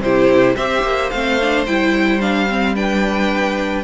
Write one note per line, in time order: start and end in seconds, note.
0.00 0.55 C3
0.00 0.57 E4
0.00 0.56 G4
0.00 0.56 C5
0.56 0.82 C4
0.56 1.12 G4
0.56 2.74 C5
0.56 1.10 E5
0.82 1.10 A#3
1.10 1.67 A3
1.10 1.40 C4
1.10 1.65 F5
1.40 1.67 D4
1.66 3.83 G3
1.66 2.20 E4
1.66 2.21 G5
2.20 2.47 D4
2.20 2.75 F5
2.49 2.75 C4
2.75 3.83 D4
2.75 3.83 B4
2.75 3.83 G5